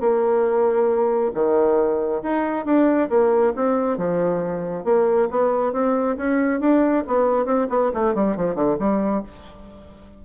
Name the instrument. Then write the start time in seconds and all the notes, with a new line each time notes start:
bassoon
0.00 A#3
1.34 D#3
2.23 D#4
2.65 D4
3.09 A#3
3.56 C4
3.98 F3
4.84 A#3
5.31 B3
5.73 C4
6.17 C#4
6.60 D4
7.07 B3
7.46 C4
7.70 B3
7.94 A3
8.15 G3
8.37 F3
8.55 D3
8.79 G3